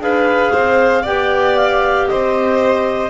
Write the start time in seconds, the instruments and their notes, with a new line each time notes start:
0.00 double bass D4, clarinet G#4 F5, violin B4
0.53 double bass C4, violin C5
1.03 double bass B3, clarinet G4 G5, violin D5
1.57 clarinet F5
2.08 double bass C4, violin C5, clarinet D#5